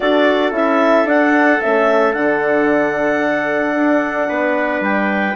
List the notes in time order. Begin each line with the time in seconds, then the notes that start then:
0.00 D4 F#4 A4 D5
0.51 C#4 E4 E5
1.05 D4 F#5
1.61 A3 C#4 E5
2.13 D3 D4 F#5
3.75 D4
4.28 B3 B4
4.80 G3 G5